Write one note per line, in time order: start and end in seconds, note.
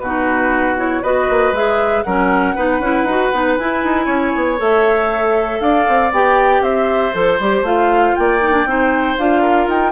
0.00 1.03 B2
0.00 0.77 D#4
0.00 1.03 F#4
0.00 0.76 B4
0.77 1.03 E4
0.77 1.04 C#5
1.03 1.29 B3
1.03 1.55 F#4
1.03 2.04 B4
1.03 1.55 D#5
1.30 1.52 A#3
1.52 2.03 G#3
1.52 2.06 G#4
1.52 2.03 E5
2.03 2.57 F#3
2.03 2.57 C#4
2.03 2.56 A#4
2.03 3.56 F#5
2.56 2.80 B3
2.56 2.82 D#4
2.56 4.06 B4
2.80 3.04 C#4
2.80 3.08 E4
3.04 3.29 D#4
3.04 3.34 F#4
3.33 3.58 B3
3.33 3.59 D#4
3.57 3.84 E4
3.57 4.58 E4
3.57 4.59 G#5
3.84 4.07 D#4
4.06 4.33 C#4
4.06 5.58 C#5
4.36 4.60 B3
4.58 5.61 A3
4.58 6.11 A4
4.58 5.61 E5
5.61 5.86 D4
5.61 6.63 D5
5.61 6.12 F5
5.89 6.12 C4
6.12 6.61 B3
6.12 7.13 G4
6.12 6.64 G5
6.61 7.12 C4
6.61 8.16 C5
6.61 7.15 E5
7.13 7.40 F3
7.13 7.39 A4
7.13 7.66 C5
7.40 7.62 G3
7.40 7.66 G4
7.62 8.13 A3
7.62 8.41 F4
7.62 8.16 F5
8.16 8.66 A#3
8.16 8.69 D5
8.16 9.17 G5
8.41 8.53 D#4
8.53 8.65 D4
8.66 9.16 C4
8.66 9.19 D#4
8.66 9.42 C5
9.18 9.68 D4
9.18 9.92 F4
9.18 9.69 F5
9.42 9.92 A#4
9.68 9.92 D#4
9.68 9.92 G5